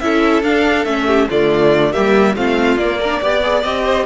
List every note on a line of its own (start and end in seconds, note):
0.00 0.43 C#4
0.00 0.43 E4
0.00 1.07 A4
0.00 0.43 E5
0.43 0.86 D4
0.43 0.85 F5
0.85 1.29 A3
0.85 1.29 C#4
0.85 1.28 E5
1.07 1.28 G4
1.29 1.96 D3
1.29 1.93 A3
1.29 1.93 F4
1.29 1.93 D5
1.93 2.37 G3
1.93 2.36 A#3
1.93 2.36 G4
1.93 2.36 E5
2.36 2.77 A3
2.36 2.79 C4
2.36 3.00 F4
2.36 2.78 F5
2.77 3.20 A#3
2.77 3.01 A#3
2.77 3.63 D5
3.00 3.22 D4
3.00 3.22 A#4
3.22 3.65 B3
3.22 3.43 G4
3.22 3.84 D5
3.43 3.64 G#4
3.63 4.06 C4
3.63 4.06 G4
3.63 4.06 D#5
3.84 4.05 C5